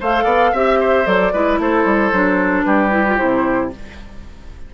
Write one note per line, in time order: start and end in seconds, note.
0.00 0.24 A3
0.00 0.55 A4
0.00 0.24 C5
0.00 0.55 F5
0.24 0.51 B3
0.24 0.50 D5
0.52 1.06 C4
0.52 1.05 G4
0.52 0.79 E5
0.52 1.06 E5
0.80 1.33 C5
1.05 1.33 F#3
1.05 1.32 A4
1.05 1.59 D5
1.33 1.58 G#3
1.33 2.13 E4
1.33 1.59 B4
1.58 1.85 A3
1.58 2.66 A4
1.58 2.63 C5
1.85 2.11 G3
2.12 2.65 F#3
2.12 2.91 D4
2.63 3.18 G3
2.63 3.72 G4
2.63 3.16 B4
2.91 3.04 E4
3.07 3.18 F4
3.16 3.74 C3
3.16 3.71 E4
3.16 3.70 C5